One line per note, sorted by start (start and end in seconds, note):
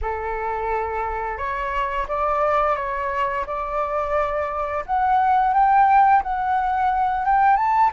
0.01 1.37 A4
1.37 2.06 C#5
2.08 2.76 D5
2.76 3.45 C#5
3.46 4.84 D5
4.86 5.53 F#5
5.53 6.22 G5
6.22 7.25 F#5
7.25 7.56 G5
7.56 7.91 A5